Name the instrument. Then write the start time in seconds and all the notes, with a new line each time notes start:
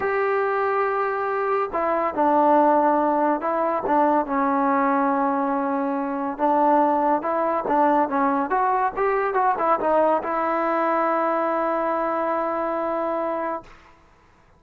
trombone
0.00 G4
1.72 E4
2.14 D4
3.40 E4
3.86 D4
4.26 C#4
6.38 D4
7.21 E4
7.67 D4
8.09 C#4
8.50 F#4
8.96 G4
9.33 F#4
9.58 E4
9.79 D#4
10.22 E4